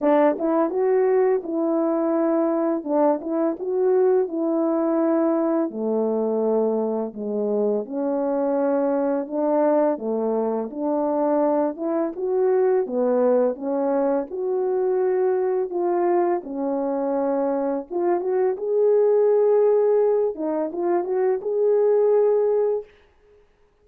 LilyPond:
\new Staff \with { instrumentName = "horn" } { \time 4/4 \tempo 4 = 84 d'8 e'8 fis'4 e'2 | d'8 e'8 fis'4 e'2 | a2 gis4 cis'4~ | cis'4 d'4 a4 d'4~ |
d'8 e'8 fis'4 b4 cis'4 | fis'2 f'4 cis'4~ | cis'4 f'8 fis'8 gis'2~ | gis'8 dis'8 f'8 fis'8 gis'2 | }